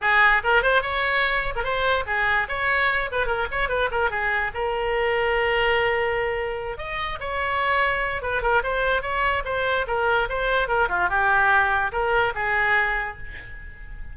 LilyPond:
\new Staff \with { instrumentName = "oboe" } { \time 4/4 \tempo 4 = 146 gis'4 ais'8 c''8 cis''4.~ cis''16 ais'16 | c''4 gis'4 cis''4. b'8 | ais'8 cis''8 b'8 ais'8 gis'4 ais'4~ | ais'1~ |
ais'8 dis''4 cis''2~ cis''8 | b'8 ais'8 c''4 cis''4 c''4 | ais'4 c''4 ais'8 f'8 g'4~ | g'4 ais'4 gis'2 | }